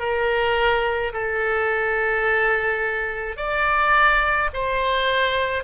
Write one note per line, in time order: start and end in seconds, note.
0.00 1.13 A#4
1.13 3.37 A4
3.37 4.50 D5
4.54 5.64 C5